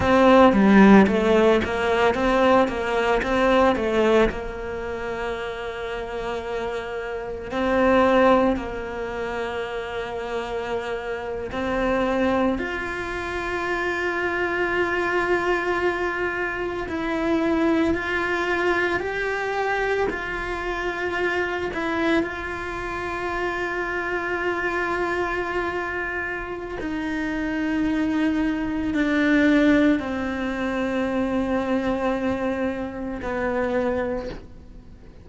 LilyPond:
\new Staff \with { instrumentName = "cello" } { \time 4/4 \tempo 4 = 56 c'8 g8 a8 ais8 c'8 ais8 c'8 a8 | ais2. c'4 | ais2~ ais8. c'4 f'16~ | f'2.~ f'8. e'16~ |
e'8. f'4 g'4 f'4~ f'16~ | f'16 e'8 f'2.~ f'16~ | f'4 dis'2 d'4 | c'2. b4 | }